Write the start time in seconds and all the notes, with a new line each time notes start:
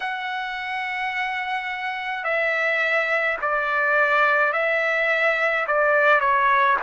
0.00 F#5
2.24 E5
3.41 D5
4.53 E5
5.67 D5
6.20 C#5